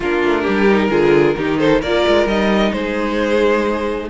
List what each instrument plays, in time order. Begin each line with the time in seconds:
0.00 cello A#3, viola D4, violin F4 A#4
0.24 cello A3
0.41 violin G4
0.48 cello G3
0.69 viola D#4
0.89 cello D3, viola F4, violin G#4
1.36 cello D#3, viola D#4, violin G4
1.58 violin A4 C5
1.81 cello A#3, viola F4, violin A#4 D5
2.07 cello G#3
2.26 cello G3, viola D#4, violin D#5
2.72 cello G#3, violin G#4 C5